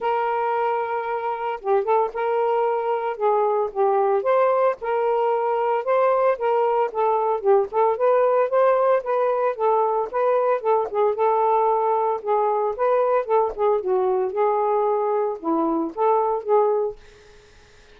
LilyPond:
\new Staff \with { instrumentName = "saxophone" } { \time 4/4 \tempo 4 = 113 ais'2. g'8 a'8 | ais'2 gis'4 g'4 | c''4 ais'2 c''4 | ais'4 a'4 g'8 a'8 b'4 |
c''4 b'4 a'4 b'4 | a'8 gis'8 a'2 gis'4 | b'4 a'8 gis'8 fis'4 gis'4~ | gis'4 e'4 a'4 gis'4 | }